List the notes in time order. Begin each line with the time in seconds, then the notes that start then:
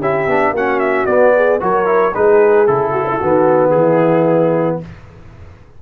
0.00 C#4 E4 G4 E5
0.27 B3 D4
0.52 A#3 C#4 F#4 F#5
0.79 E5
1.06 B3 D5
1.35 G#4
1.60 F#3 F#4 A#4 C#5
1.86 E4
2.14 G#3 D#4 G#4 B4
2.67 C#3 E4 A4
2.92 F#4
3.08 E4
3.19 D#3 B3 F#4
3.70 E3 E4 G#4